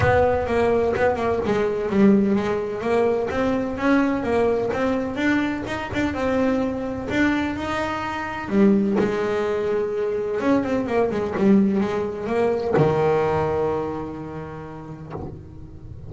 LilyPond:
\new Staff \with { instrumentName = "double bass" } { \time 4/4 \tempo 4 = 127 b4 ais4 b8 ais8 gis4 | g4 gis4 ais4 c'4 | cis'4 ais4 c'4 d'4 | dis'8 d'8 c'2 d'4 |
dis'2 g4 gis4~ | gis2 cis'8 c'8 ais8 gis8 | g4 gis4 ais4 dis4~ | dis1 | }